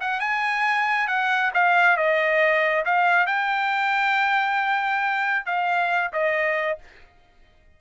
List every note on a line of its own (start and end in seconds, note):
0.00 0.20 F#5
0.20 1.07 G#5
1.07 1.51 F#5
1.54 1.96 F5
1.96 2.84 D#5
2.85 3.26 F5
3.26 5.45 G5
5.45 6.11 F5
6.13 6.78 D#5